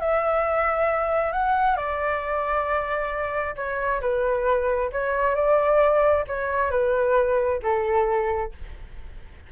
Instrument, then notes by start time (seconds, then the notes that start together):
flute
0.00 E5
1.32 F#5
1.77 D5
3.56 C#5
4.01 B4
4.93 C#5
5.35 D5
6.28 C#5
6.71 B4
7.63 A4